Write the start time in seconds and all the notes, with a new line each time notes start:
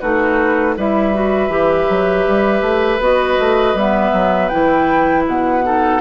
0.00 A3 D#4 F#4 B4
0.77 G3 E4 B4 E5
1.14 F#4
1.48 E3 G4
1.89 F#3
2.27 G3
2.61 A3
2.99 B3 F#4 D#5
3.39 A3
3.74 G3 B3 E5
4.12 F#3
4.48 E3 E4 G5
5.26 B2 F#5
5.63 D#4 A4